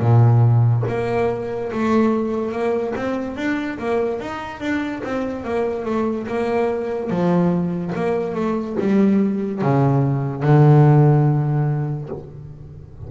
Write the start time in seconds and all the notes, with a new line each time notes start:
0.00 A#2
0.88 A#3
1.72 A3
2.52 A#3
2.96 C4
3.36 D4
3.78 A#3
4.20 D#4
4.60 D4
5.04 C4
5.44 A#3
5.85 A3
6.27 A#3
7.10 F3
7.95 A#3
8.35 A3
8.80 G3
9.62 C#3
10.42 D3